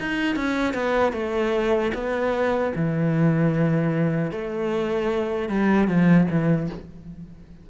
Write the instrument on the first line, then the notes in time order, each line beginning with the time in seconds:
cello
0.00 D#4
0.36 C#4
0.74 B3
1.13 A3
1.94 B3
2.75 E3
4.31 A3
5.49 G3
5.88 F3
6.30 E3